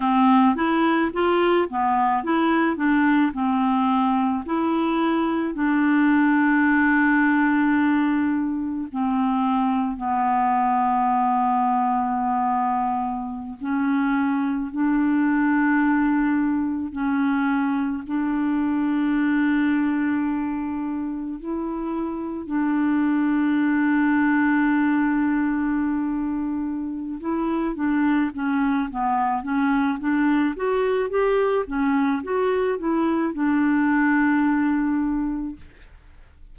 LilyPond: \new Staff \with { instrumentName = "clarinet" } { \time 4/4 \tempo 4 = 54 c'8 e'8 f'8 b8 e'8 d'8 c'4 | e'4 d'2. | c'4 b2.~ | b16 cis'4 d'2 cis'8.~ |
cis'16 d'2. e'8.~ | e'16 d'2.~ d'8.~ | d'8 e'8 d'8 cis'8 b8 cis'8 d'8 fis'8 | g'8 cis'8 fis'8 e'8 d'2 | }